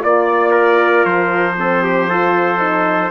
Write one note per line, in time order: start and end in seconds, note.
0.00 1.05 A#3
0.00 1.55 F4
0.00 1.05 D5
0.00 0.52 D5
0.52 1.55 A#4
1.05 3.11 F3
1.05 3.11 C5
1.58 2.09 C4
1.58 1.83 A4
1.83 2.09 G4
2.09 2.58 F4
2.09 3.11 A4
2.58 3.10 D#4